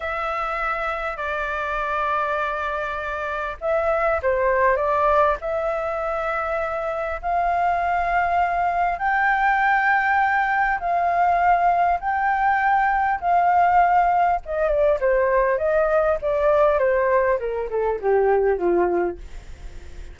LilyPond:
\new Staff \with { instrumentName = "flute" } { \time 4/4 \tempo 4 = 100 e''2 d''2~ | d''2 e''4 c''4 | d''4 e''2. | f''2. g''4~ |
g''2 f''2 | g''2 f''2 | dis''8 d''8 c''4 dis''4 d''4 | c''4 ais'8 a'8 g'4 f'4 | }